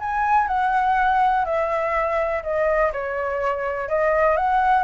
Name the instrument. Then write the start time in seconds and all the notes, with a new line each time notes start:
flute
0.00 G#5
0.48 F#5
1.45 E5
2.43 D#5
2.93 C#5
3.89 D#5
4.37 F#5